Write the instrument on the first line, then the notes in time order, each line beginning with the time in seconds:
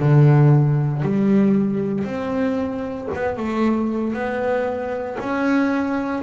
double bass
0.00 D3
1.03 G3
2.05 C4
3.15 B3
3.37 A3
4.14 B3
5.20 C#4